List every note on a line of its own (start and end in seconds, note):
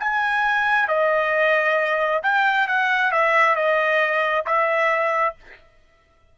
0.00 0.88 G#5
0.88 2.23 D#5
2.23 2.68 G5
2.68 3.12 F#5
3.12 3.56 E5
3.56 4.46 D#5
4.46 5.36 E5